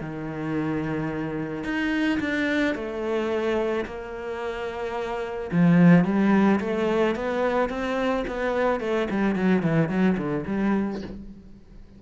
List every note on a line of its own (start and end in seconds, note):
0.00 1.63 D#3
1.63 2.18 D#4
2.19 2.74 D4
2.74 3.85 A3
3.85 5.50 A#3
5.51 6.04 F3
6.04 6.59 G3
6.60 7.15 A3
7.15 7.69 B3
7.69 8.24 C4
8.27 8.80 B3
8.80 9.07 A3
9.10 9.35 G3
9.35 9.62 F#3
9.62 9.89 E3
9.89 10.16 F#3
10.17 10.44 D3
10.46 11.01 G3